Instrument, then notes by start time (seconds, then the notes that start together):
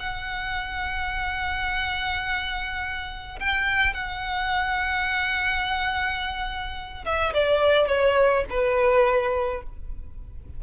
violin
0.00 F#5
3.40 G5
3.94 F#5
7.05 E5
7.34 D5
7.88 C#5
8.50 B4